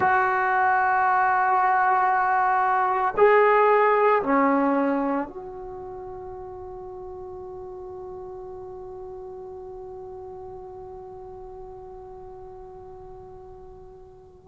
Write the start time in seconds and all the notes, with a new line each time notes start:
0.00 F#4
3.17 G#4
4.22 C#4
5.27 F#4